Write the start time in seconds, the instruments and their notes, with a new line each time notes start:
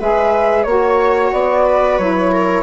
0.00 bassoon G#3, saxophone G#4, viola B4, flute E5
0.64 bassoon A#3, saxophone F#4, flute C#5, viola C#5
1.33 bassoon B3, flute D5
1.66 viola B4
1.98 bassoon F#3, saxophone E4, flute C#5
2.32 viola A#4